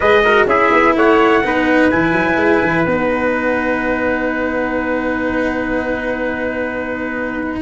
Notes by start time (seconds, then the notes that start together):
0.00 G#3 G#4 B4 D#5
0.24 F#4 A#4
0.45 C#4 E4 G#4 E5
0.72 B3
0.96 A3 C#5 F#5
1.44 B3 D#4 B4
1.90 E3 E4 G#5
2.12 F#3
2.36 G#3
2.62 E3
2.85 B3 D#4 F#5